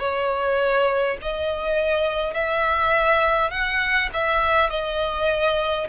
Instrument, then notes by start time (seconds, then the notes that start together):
violin
0.00 C#5
1.22 D#5
2.34 E5
3.51 F#5
4.14 E5
4.70 D#5